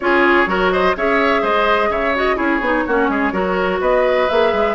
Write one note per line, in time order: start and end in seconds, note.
0.00 0.46 C#4
0.00 0.46 F4
0.00 0.49 G#4
0.00 0.71 C#5
0.46 0.94 F#3
0.46 0.94 F#4
0.46 0.72 A#4
0.71 0.96 C5
0.71 0.95 D#5
0.96 1.43 C#4
0.96 2.15 G#4
0.96 1.41 C#5
0.96 1.44 E5
1.41 1.89 G#3
1.41 1.89 C5
1.41 1.91 D#5
1.89 2.37 C#3
1.89 2.36 C#5
1.89 2.15 E5
2.15 2.36 F#4
2.15 2.36 D#5
2.36 2.60 C#4
2.36 2.59 E4
2.36 2.84 G#4
2.36 3.79 C#5
2.60 2.84 B3
2.60 2.87 D#4
2.86 3.09 A#3
2.86 3.32 C#4
2.86 3.10 F#4
3.09 3.32 G#3
3.09 3.32 G#4
3.32 3.80 F#3
3.32 4.28 F#4
3.32 3.80 A#4
3.80 4.28 B3
3.80 4.75 B4
3.80 4.29 D#5
4.29 4.52 A#3
4.29 4.75 G#4
4.29 4.75 E5
4.52 4.75 G#3